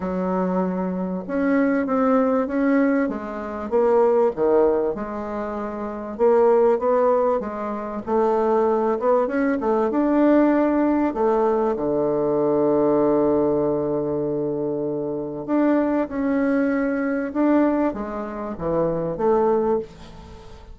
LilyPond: \new Staff \with { instrumentName = "bassoon" } { \time 4/4 \tempo 4 = 97 fis2 cis'4 c'4 | cis'4 gis4 ais4 dis4 | gis2 ais4 b4 | gis4 a4. b8 cis'8 a8 |
d'2 a4 d4~ | d1~ | d4 d'4 cis'2 | d'4 gis4 e4 a4 | }